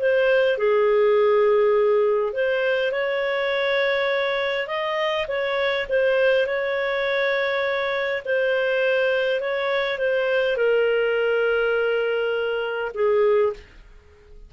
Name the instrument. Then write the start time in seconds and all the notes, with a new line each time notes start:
clarinet
0.00 C5
0.58 G#4
2.33 C5
2.92 C#5
4.68 D#5
5.28 C#5
5.89 C5
6.47 C#5
8.25 C5
9.41 C#5
9.98 C5
10.57 A#4
12.95 G#4